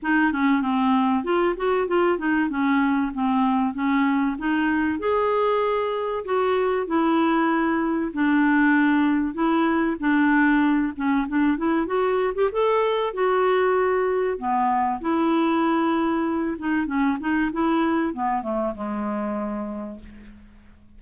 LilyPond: \new Staff \with { instrumentName = "clarinet" } { \time 4/4 \tempo 4 = 96 dis'8 cis'8 c'4 f'8 fis'8 f'8 dis'8 | cis'4 c'4 cis'4 dis'4 | gis'2 fis'4 e'4~ | e'4 d'2 e'4 |
d'4. cis'8 d'8 e'8 fis'8. g'16 | a'4 fis'2 b4 | e'2~ e'8 dis'8 cis'8 dis'8 | e'4 b8 a8 gis2 | }